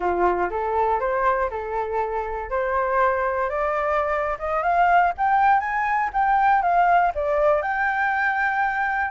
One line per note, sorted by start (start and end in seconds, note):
0.00 0.49 F4
0.50 1.00 A4
1.00 1.50 C5
1.50 2.50 A4
2.50 3.49 C5
3.49 4.37 D5
4.38 4.62 D#5
4.62 5.12 F5
5.17 5.60 G5
5.60 6.10 G#5
6.13 6.62 G5
6.62 7.12 F5
7.14 7.61 D5
7.61 9.10 G5